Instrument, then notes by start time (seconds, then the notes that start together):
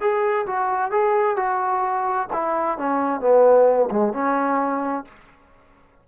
trombone
0.00 G#4
0.46 F#4
0.91 G#4
1.36 F#4
2.33 E4
2.78 C#4
3.20 B3
3.91 G#3
4.13 C#4